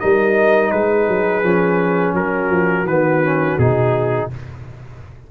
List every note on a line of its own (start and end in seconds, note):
0.00 0.72 G3
0.00 1.43 D#4
0.00 0.72 A#4
0.00 0.71 D#5
0.71 1.08 G#3
0.71 2.16 G#4
0.71 2.14 B4
1.08 1.43 F#3
1.43 2.14 F3
1.43 2.86 C#4
2.14 2.50 F#3
2.14 4.31 F#4
2.14 2.87 A#4
2.50 2.85 F3
2.85 3.56 D#3
2.85 3.24 B3
2.85 3.58 B4
3.24 3.59 C#4
3.58 4.29 B2
3.58 4.31 D#4
3.58 4.30 G#4